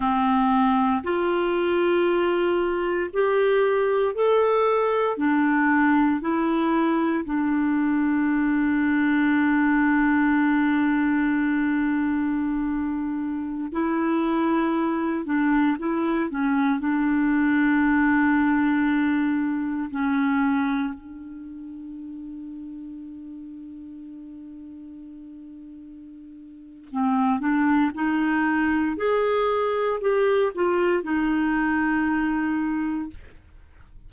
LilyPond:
\new Staff \with { instrumentName = "clarinet" } { \time 4/4 \tempo 4 = 58 c'4 f'2 g'4 | a'4 d'4 e'4 d'4~ | d'1~ | d'4~ d'16 e'4. d'8 e'8 cis'16~ |
cis'16 d'2. cis'8.~ | cis'16 d'2.~ d'8.~ | d'2 c'8 d'8 dis'4 | gis'4 g'8 f'8 dis'2 | }